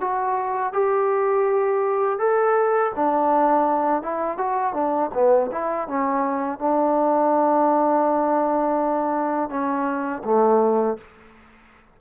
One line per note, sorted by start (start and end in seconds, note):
0.00 0.73 F#4
0.73 2.19 G4
2.19 2.92 A4
2.95 4.02 D4
4.02 4.37 E4
4.37 4.73 F#4
4.73 5.10 D4
5.14 5.50 B3
5.51 5.88 E4
5.88 6.59 C#4
6.59 9.50 D4
9.50 10.23 C#4
10.24 10.97 A3